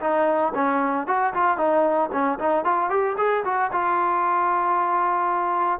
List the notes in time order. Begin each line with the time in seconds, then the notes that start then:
0.00 D#4
0.54 C#4
1.07 F#4
1.33 F4
1.57 D#4
2.12 C#4
2.39 D#4
2.64 F4
2.89 G4
3.17 G#4
3.44 F#4
3.72 F4